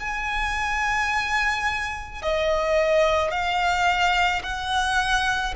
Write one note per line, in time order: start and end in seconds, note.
0.00 2.22 G#5
2.22 3.31 D#5
3.31 4.42 F5
4.43 5.55 F#5